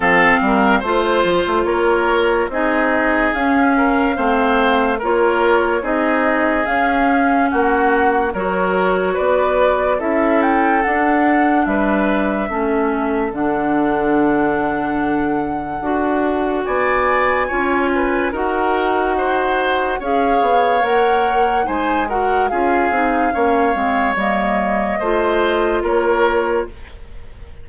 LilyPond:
<<
  \new Staff \with { instrumentName = "flute" } { \time 4/4 \tempo 4 = 72 f''4 c''4 cis''4 dis''4 | f''2 cis''4 dis''4 | f''4 fis''4 cis''4 d''4 | e''8 g''8 fis''4 e''2 |
fis''1 | gis''2 fis''2 | f''4 fis''4 gis''8 fis''8 f''4~ | f''4 dis''2 cis''4 | }
  \new Staff \with { instrumentName = "oboe" } { \time 4/4 a'8 ais'8 c''4 ais'4 gis'4~ | gis'8 ais'8 c''4 ais'4 gis'4~ | gis'4 fis'4 ais'4 b'4 | a'2 b'4 a'4~ |
a'1 | d''4 cis''8 b'8 ais'4 c''4 | cis''2 c''8 ais'8 gis'4 | cis''2 c''4 ais'4 | }
  \new Staff \with { instrumentName = "clarinet" } { \time 4/4 c'4 f'2 dis'4 | cis'4 c'4 f'4 dis'4 | cis'2 fis'2 | e'4 d'2 cis'4 |
d'2. fis'4~ | fis'4 f'4 fis'2 | gis'4 ais'4 dis'8 fis'8 f'8 dis'8 | cis'8 c'8 ais4 f'2 | }
  \new Staff \with { instrumentName = "bassoon" } { \time 4/4 f8 g8 a8 f16 a16 ais4 c'4 | cis'4 a4 ais4 c'4 | cis'4 ais4 fis4 b4 | cis'4 d'4 g4 a4 |
d2. d'4 | b4 cis'4 dis'2 | cis'8 b8 ais4 gis4 cis'8 c'8 | ais8 gis8 g4 a4 ais4 | }
>>